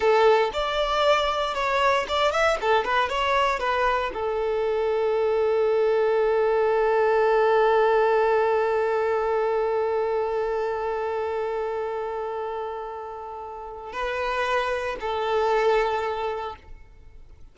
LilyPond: \new Staff \with { instrumentName = "violin" } { \time 4/4 \tempo 4 = 116 a'4 d''2 cis''4 | d''8 e''8 a'8 b'8 cis''4 b'4 | a'1~ | a'1~ |
a'1~ | a'1~ | a'2. b'4~ | b'4 a'2. | }